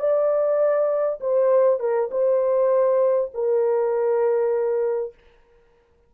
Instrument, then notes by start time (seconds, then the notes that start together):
horn
0.00 D5
1.21 C5
1.80 A#4
2.12 C5
3.34 A#4